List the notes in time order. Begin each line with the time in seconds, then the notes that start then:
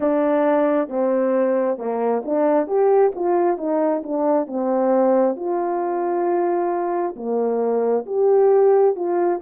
0.00 D4
0.88 C4
1.77 A#3
2.25 D4
2.67 G4
3.15 F4
3.57 D#4
4.03 D4
4.47 C4
5.35 F4
7.16 A#3
8.06 G4
8.96 F4